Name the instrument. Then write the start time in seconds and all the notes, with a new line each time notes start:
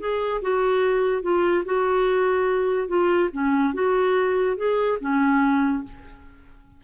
clarinet
0.00 G#4
0.42 F#4
1.22 F4
1.65 F#4
2.88 F4
3.33 C#4
3.74 F#4
4.57 G#4
5.01 C#4